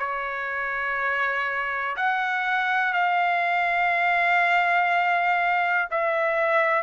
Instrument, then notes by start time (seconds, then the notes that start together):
trumpet
0.00 C#5
1.97 F#5
2.94 F5
5.91 E5